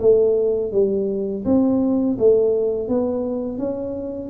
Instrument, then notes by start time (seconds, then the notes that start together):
tuba
0.00 A3
0.72 G3
1.45 C4
2.19 A3
2.88 B3
3.59 C#4